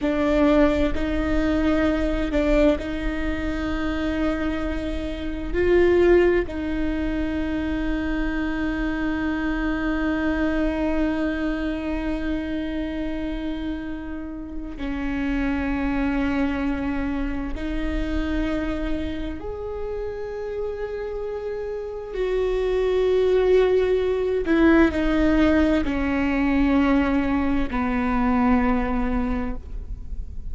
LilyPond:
\new Staff \with { instrumentName = "viola" } { \time 4/4 \tempo 4 = 65 d'4 dis'4. d'8 dis'4~ | dis'2 f'4 dis'4~ | dis'1~ | dis'1 |
cis'2. dis'4~ | dis'4 gis'2. | fis'2~ fis'8 e'8 dis'4 | cis'2 b2 | }